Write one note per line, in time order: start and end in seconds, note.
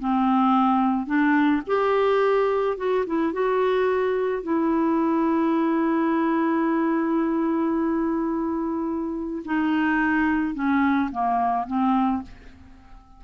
0.00 1.07 C4
1.07 1.62 D4
1.67 2.78 G4
2.78 3.05 F#4
3.07 3.33 E4
3.33 4.43 F#4
4.43 9.43 E4
9.45 10.55 D#4
10.55 11.10 C#4
11.12 11.67 A#3
11.67 12.23 C4